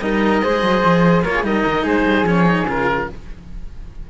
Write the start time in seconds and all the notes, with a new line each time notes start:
0.00 G3 D#4 A#4 D#5
0.41 G#3 G#4 C5
0.62 F#3
0.84 F3
1.23 A#3 F4 A#4 C#5
1.34 G#4
1.43 G3 D#4 A#4 D#5
1.65 D#3
1.83 G#3 G#4 C5
2.05 G3
2.23 F3 C#4 C#5
2.46 D#4
2.66 C#3 F4 A#4